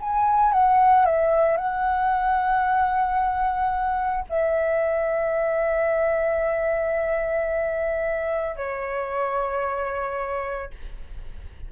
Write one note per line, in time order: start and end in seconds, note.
0.00 0.53 G#5
0.53 1.06 F#5
1.06 1.57 E5
1.57 4.25 F#5
4.30 8.56 E5
8.56 10.70 C#5